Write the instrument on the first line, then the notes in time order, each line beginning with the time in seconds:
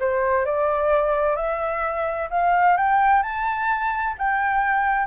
flute
0.00 C5
0.46 D5
1.36 E5
2.31 F5
2.78 G5
3.23 A5
4.18 G5